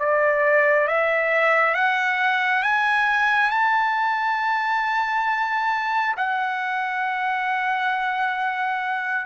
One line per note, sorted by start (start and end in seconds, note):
0.00 0.88 D5
0.88 1.74 E5
1.74 2.63 F#5
2.63 3.51 G#5
3.51 6.15 A5
6.17 9.26 F#5